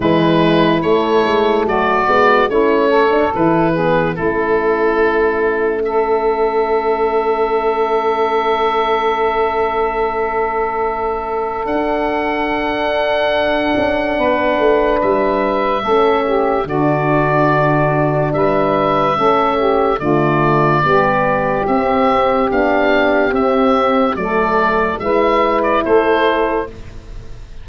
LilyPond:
<<
  \new Staff \with { instrumentName = "oboe" } { \time 4/4 \tempo 4 = 72 b'4 cis''4 d''4 cis''4 | b'4 a'2 e''4~ | e''1~ | e''2 fis''2~ |
fis''2 e''2 | d''2 e''2 | d''2 e''4 f''4 | e''4 d''4 e''8. d''16 c''4 | }
  \new Staff \with { instrumentName = "saxophone" } { \time 4/4 e'2 fis'4 e'8 a'8~ | a'8 gis'8 e'2 a'4~ | a'1~ | a'1~ |
a'4 b'2 a'8 g'8 | fis'2 b'4 a'8 g'8 | f'4 g'2.~ | g'4 a'4 b'4 a'4 | }
  \new Staff \with { instrumentName = "horn" } { \time 4/4 gis4 a4. b8 cis'8. d'16 | e'8 b8 cis'2.~ | cis'1~ | cis'2 d'2~ |
d'2. cis'4 | d'2. cis'4 | a4 b4 c'4 d'4 | c'4 a4 e'2 | }
  \new Staff \with { instrumentName = "tuba" } { \time 4/4 e4 a8 gis8 fis8 gis8 a4 | e4 a2.~ | a1~ | a2 d'2~ |
d'8 cis'8 b8 a8 g4 a4 | d2 g4 a4 | d4 g4 c'4 b4 | c'4 fis4 gis4 a4 | }
>>